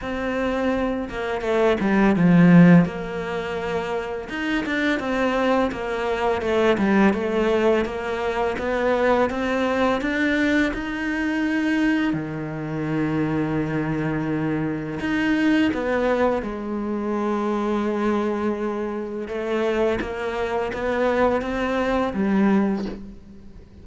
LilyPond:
\new Staff \with { instrumentName = "cello" } { \time 4/4 \tempo 4 = 84 c'4. ais8 a8 g8 f4 | ais2 dis'8 d'8 c'4 | ais4 a8 g8 a4 ais4 | b4 c'4 d'4 dis'4~ |
dis'4 dis2.~ | dis4 dis'4 b4 gis4~ | gis2. a4 | ais4 b4 c'4 g4 | }